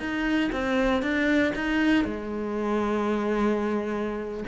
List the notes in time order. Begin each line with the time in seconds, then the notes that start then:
0.00 D#4
0.52 C4
1.02 D4
1.56 D#4
2.05 G#3